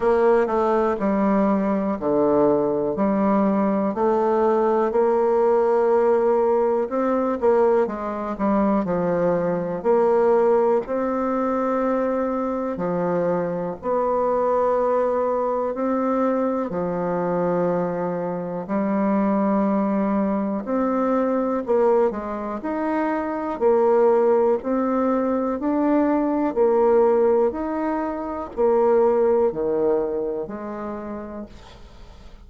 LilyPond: \new Staff \with { instrumentName = "bassoon" } { \time 4/4 \tempo 4 = 61 ais8 a8 g4 d4 g4 | a4 ais2 c'8 ais8 | gis8 g8 f4 ais4 c'4~ | c'4 f4 b2 |
c'4 f2 g4~ | g4 c'4 ais8 gis8 dis'4 | ais4 c'4 d'4 ais4 | dis'4 ais4 dis4 gis4 | }